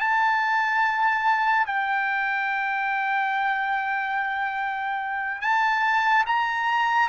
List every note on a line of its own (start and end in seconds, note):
0.00 1.66 A5
1.66 5.41 G5
5.41 6.25 A5
6.27 7.09 A#5